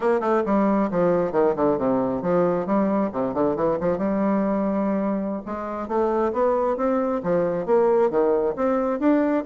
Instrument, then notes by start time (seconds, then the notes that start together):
bassoon
0.00 A#3
0.20 A3
0.45 G3
0.90 F3
1.32 D#3
1.56 D3
1.78 C3
2.22 F3
2.66 G3
3.12 C3
3.34 D3
3.56 E3
3.80 F3
3.98 G3
5.45 G#3
5.88 A3
6.33 B3
6.77 C4
7.23 F3
7.65 A#3
8.10 D#3
8.56 C4
8.99 D4